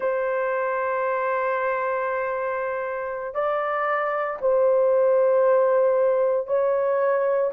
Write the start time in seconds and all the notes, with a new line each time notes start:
0.00 C5
3.34 D5
4.41 C5
6.47 C#5